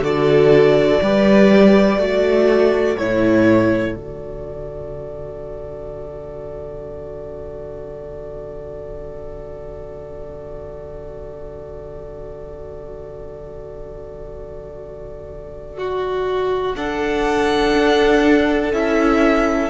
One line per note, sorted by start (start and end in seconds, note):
0.00 0.98 D3
0.00 1.02 F#4
0.00 1.00 A4
0.00 2.98 D5
1.02 1.98 G3
1.02 1.99 G4
1.02 2.01 B4
1.98 2.97 A3
1.98 2.97 F#4
1.98 15.78 A4
2.98 3.96 A2
2.98 3.96 E4
2.98 3.95 C#5
3.95 17.73 D3
3.95 16.75 F#4
3.95 16.74 D5
15.78 16.76 F#4
16.76 18.72 D4
16.76 19.70 A4
16.76 18.72 F#5
17.75 18.73 D4
18.73 19.70 C#4
18.73 19.70 E4
18.73 19.70 E5